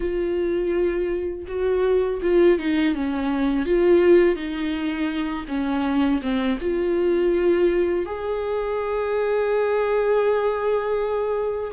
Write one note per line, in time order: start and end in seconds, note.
0.00 1.45 F4
1.47 2.20 F#4
2.22 2.58 F4
2.58 2.95 D#4
2.95 3.65 C#4
3.65 4.35 F4
4.35 5.45 D#4
5.48 6.21 C#4
6.22 6.58 C4
6.60 8.05 F4
8.05 11.71 G#4